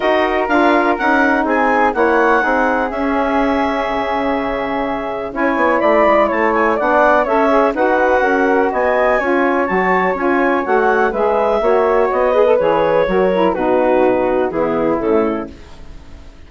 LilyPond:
<<
  \new Staff \with { instrumentName = "clarinet" } { \time 4/4 \tempo 4 = 124 dis''4 f''4 fis''4 gis''4 | fis''2 e''2~ | e''2. gis''4 | b''4 a''8 gis''8 fis''4 e''4 |
fis''2 gis''2 | a''4 gis''4 fis''4 e''4~ | e''4 dis''4 cis''2 | b'2 gis'4 a'4 | }
  \new Staff \with { instrumentName = "flute" } { \time 4/4 ais'2. gis'4 | cis''4 gis'2.~ | gis'2. cis''4 | d''4 cis''4 d''4 cis''4 |
b'4 ais'4 dis''4 cis''4~ | cis''2. b'4 | cis''4. b'4. ais'4 | fis'2 e'2 | }
  \new Staff \with { instrumentName = "saxophone" } { \time 4/4 fis'4 f'4 dis'2 | e'4 dis'4 cis'2~ | cis'2. e'4~ | e'2 d'4 a'8 gis'8 |
fis'2. f'4 | fis'4 f'4 fis'4 gis'4 | fis'4. gis'16 a'16 gis'4 fis'8 e'8 | dis'2 b4 a4 | }
  \new Staff \with { instrumentName = "bassoon" } { \time 4/4 dis'4 d'4 cis'4 c'4 | ais4 c'4 cis'2 | cis2. cis'8 b8 | a8 gis8 a4 b4 cis'4 |
dis'4 cis'4 b4 cis'4 | fis4 cis'4 a4 gis4 | ais4 b4 e4 fis4 | b,2 e4 cis4 | }
>>